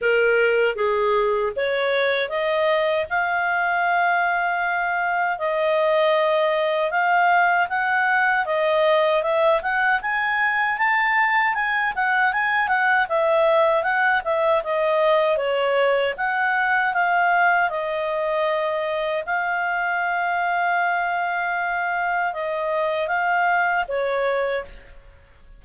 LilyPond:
\new Staff \with { instrumentName = "clarinet" } { \time 4/4 \tempo 4 = 78 ais'4 gis'4 cis''4 dis''4 | f''2. dis''4~ | dis''4 f''4 fis''4 dis''4 | e''8 fis''8 gis''4 a''4 gis''8 fis''8 |
gis''8 fis''8 e''4 fis''8 e''8 dis''4 | cis''4 fis''4 f''4 dis''4~ | dis''4 f''2.~ | f''4 dis''4 f''4 cis''4 | }